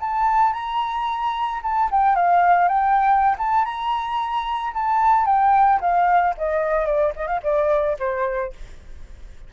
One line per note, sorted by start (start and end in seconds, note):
0.00 0.53 A5
0.53 1.61 A#5
1.62 1.89 A5
1.91 2.15 G5
2.15 2.68 F5
2.68 3.36 G5
3.38 3.65 A5
3.65 4.73 A#5
4.74 5.26 A5
5.26 5.80 G5
5.80 6.34 F5
6.38 6.86 D#5
6.86 7.13 D5
7.16 7.27 D#5
7.27 7.40 F5
7.43 7.97 D5
7.99 8.53 C5